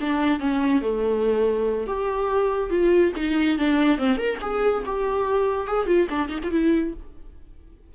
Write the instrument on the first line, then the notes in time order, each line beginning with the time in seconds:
viola
0.00 D4
0.39 C#4
0.81 A3
1.86 G4
2.70 F4
3.16 D#4
3.58 D4
3.98 C4
4.17 A#4
4.41 G#4
4.85 G4
5.67 G#4
5.86 F4
6.09 D4
6.28 D#4
6.43 F4
6.51 E4